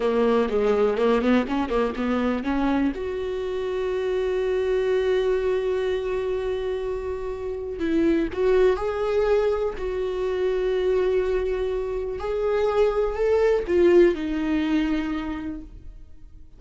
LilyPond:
\new Staff \with { instrumentName = "viola" } { \time 4/4 \tempo 4 = 123 ais4 gis4 ais8 b8 cis'8 ais8 | b4 cis'4 fis'2~ | fis'1~ | fis'1 |
e'4 fis'4 gis'2 | fis'1~ | fis'4 gis'2 a'4 | f'4 dis'2. | }